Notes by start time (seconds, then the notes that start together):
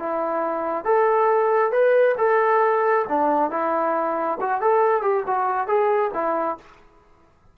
0.00 E4
0.85 A4
1.72 B4
2.18 A4
3.09 D4
3.51 E4
4.41 F#4
4.62 A4
5.02 G4
5.27 F#4
5.68 G#4
6.14 E4